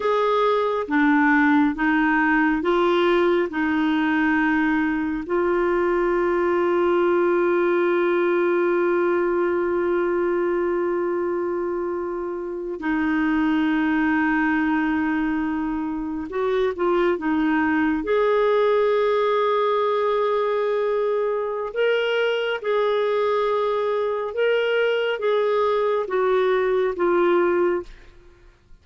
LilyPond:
\new Staff \with { instrumentName = "clarinet" } { \time 4/4 \tempo 4 = 69 gis'4 d'4 dis'4 f'4 | dis'2 f'2~ | f'1~ | f'2~ f'8. dis'4~ dis'16~ |
dis'2~ dis'8. fis'8 f'8 dis'16~ | dis'8. gis'2.~ gis'16~ | gis'4 ais'4 gis'2 | ais'4 gis'4 fis'4 f'4 | }